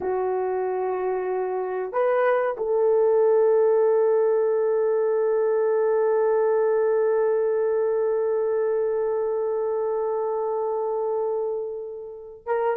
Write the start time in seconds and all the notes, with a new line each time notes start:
0.01 F#4
1.92 B4
2.57 A4
12.46 A#4